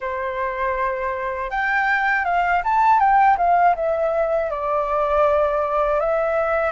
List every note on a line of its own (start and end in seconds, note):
0.00 1.50 C5
1.50 2.25 G5
2.25 2.62 F5
2.64 2.99 A5
2.99 3.36 G5
3.37 3.75 F5
3.75 4.50 E5
4.50 6.00 D5
6.00 6.71 E5